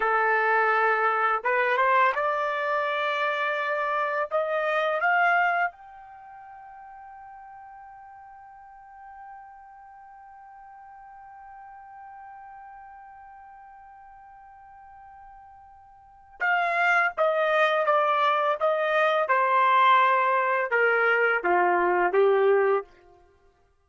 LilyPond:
\new Staff \with { instrumentName = "trumpet" } { \time 4/4 \tempo 4 = 84 a'2 b'8 c''8 d''4~ | d''2 dis''4 f''4 | g''1~ | g''1~ |
g''1~ | g''2. f''4 | dis''4 d''4 dis''4 c''4~ | c''4 ais'4 f'4 g'4 | }